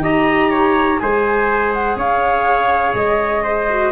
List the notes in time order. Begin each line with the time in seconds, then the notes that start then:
0.00 D#4 G4 D#5 A#5
0.50 C#5
0.99 G#3 G#4 C5 G#5
1.73 F#5
1.96 C#4 C#5 F5
2.94 G#3 D#5
3.43 C5
3.70 F#4